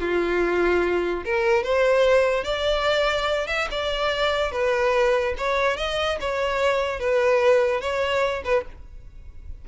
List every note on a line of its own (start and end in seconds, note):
0.00 1.24 F4
1.25 1.63 A#4
1.63 2.44 C5
2.44 3.47 D5
3.47 3.68 E5
3.71 4.52 D5
4.52 5.34 B4
5.38 5.77 C#5
5.77 6.18 D#5
6.21 7.00 C#5
7.00 7.81 B4
7.81 8.43 C#5
8.45 8.65 B4